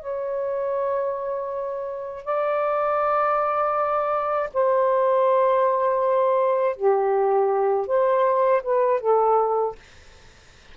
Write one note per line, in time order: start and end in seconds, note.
0.00 2.25 C#5
2.25 4.50 D5
4.54 6.76 C5
6.76 7.88 G4
7.88 8.62 C5
8.63 9.01 B4
9.01 9.76 A4